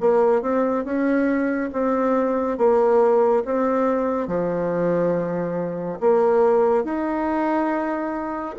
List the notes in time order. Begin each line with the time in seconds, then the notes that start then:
0.00 A#3
0.41 C4
0.84 C#4
1.72 C4
2.57 A#3
3.45 C4
4.27 F3
6.00 A#3
6.84 D#4